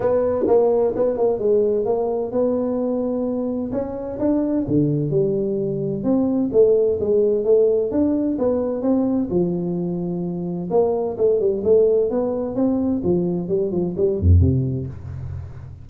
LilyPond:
\new Staff \with { instrumentName = "tuba" } { \time 4/4 \tempo 4 = 129 b4 ais4 b8 ais8 gis4 | ais4 b2. | cis'4 d'4 d4 g4~ | g4 c'4 a4 gis4 |
a4 d'4 b4 c'4 | f2. ais4 | a8 g8 a4 b4 c'4 | f4 g8 f8 g8 f,8 c4 | }